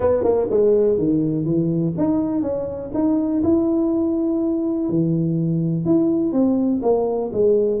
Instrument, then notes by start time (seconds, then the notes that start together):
tuba
0.00 B3
0.23 A#3
0.50 G#3
0.98 D#3
1.45 E3
1.97 D#4
2.42 C#4
2.94 D#4
3.43 E4
4.89 E3
5.85 E4
6.32 C4
6.82 A#3
7.32 G#3